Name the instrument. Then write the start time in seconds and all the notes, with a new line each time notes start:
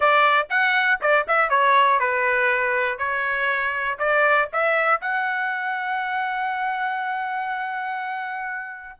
trumpet
0.00 D5
0.49 F#5
1.01 D5
1.27 E5
1.49 C#5
1.99 B4
2.98 C#5
3.99 D5
4.52 E5
5.00 F#5